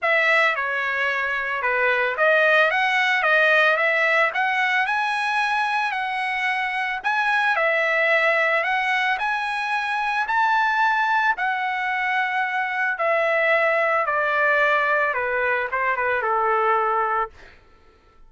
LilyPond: \new Staff \with { instrumentName = "trumpet" } { \time 4/4 \tempo 4 = 111 e''4 cis''2 b'4 | dis''4 fis''4 dis''4 e''4 | fis''4 gis''2 fis''4~ | fis''4 gis''4 e''2 |
fis''4 gis''2 a''4~ | a''4 fis''2. | e''2 d''2 | b'4 c''8 b'8 a'2 | }